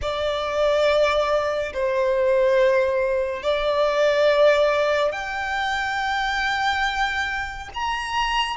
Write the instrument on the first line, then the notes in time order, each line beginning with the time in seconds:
violin
0.01 D5
1.73 C5
3.42 D5
5.12 G5
7.74 A#5